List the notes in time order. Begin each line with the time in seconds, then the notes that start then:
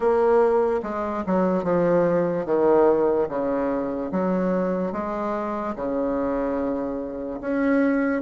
0.00 A#3
0.83 G#3
1.26 F#3
1.63 F3
2.45 D#3
3.28 C#3
4.11 F#3
4.92 G#3
5.75 C#3
7.40 C#4